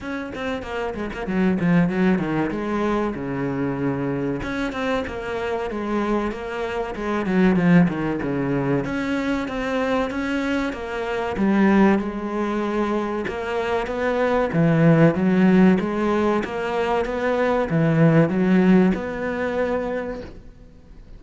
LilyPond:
\new Staff \with { instrumentName = "cello" } { \time 4/4 \tempo 4 = 95 cis'8 c'8 ais8 gis16 ais16 fis8 f8 fis8 dis8 | gis4 cis2 cis'8 c'8 | ais4 gis4 ais4 gis8 fis8 | f8 dis8 cis4 cis'4 c'4 |
cis'4 ais4 g4 gis4~ | gis4 ais4 b4 e4 | fis4 gis4 ais4 b4 | e4 fis4 b2 | }